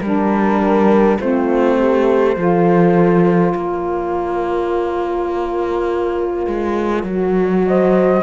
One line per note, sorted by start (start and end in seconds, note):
0.00 1.19 G3
0.00 1.20 D4
0.00 1.18 A#4
1.19 2.37 A3
1.19 2.36 C4
1.19 1.77 F4
1.19 3.55 C5
1.79 2.38 G4
2.36 3.54 F3
2.36 7.07 F4
2.36 3.56 A4
3.55 6.47 A#3
3.55 7.68 A#4
3.55 7.67 C#5
6.47 7.04 G#3
7.04 8.22 F#3
7.04 8.23 F#4
7.67 8.23 C5
7.67 8.23 D#5